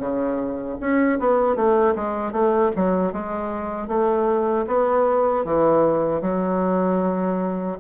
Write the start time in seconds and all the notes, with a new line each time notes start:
0.00 C#3
0.81 C#4
1.20 B3
1.56 A3
1.96 G#3
2.33 A3
2.76 F#3
3.13 G#3
3.89 A3
4.67 B3
5.45 E3
6.22 F#3